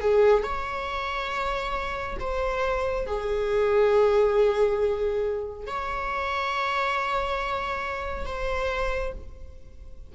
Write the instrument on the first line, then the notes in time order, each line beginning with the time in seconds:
viola
0.00 G#4
0.43 C#5
2.19 C5
3.06 G#4
5.66 C#5
8.25 C5